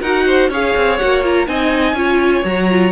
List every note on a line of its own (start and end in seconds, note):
0.00 0.49 D#4
0.00 0.51 F#4
0.00 0.24 A#4
0.00 0.49 F#5
0.26 0.49 C5
0.49 0.73 C#4
0.49 0.99 G#4
0.49 1.47 C#5
0.49 0.98 F5
0.76 1.00 C4
0.98 1.47 A#3
0.98 1.23 F#4
0.98 1.22 F#5
1.23 1.46 F4
1.23 1.47 A#5
1.46 1.93 C4
1.46 1.95 D#4
1.46 1.96 D#5
1.46 2.45 G#5
1.93 2.42 C#4
1.93 2.44 F4
1.93 2.92 C#5
2.44 2.92 F#3
2.44 2.70 F#4
2.44 2.92 A#5
2.70 2.92 F4